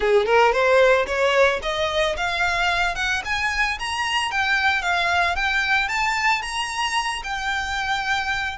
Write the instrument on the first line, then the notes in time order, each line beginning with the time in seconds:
violin
0.00 G#4
0.26 A#4
0.52 C5
1.06 C#5
1.62 D#5
2.16 F5
2.95 F#5
3.24 G#5
3.79 A#5
4.31 G5
4.82 F5
5.35 G5
5.88 A5
6.42 A#5
7.23 G5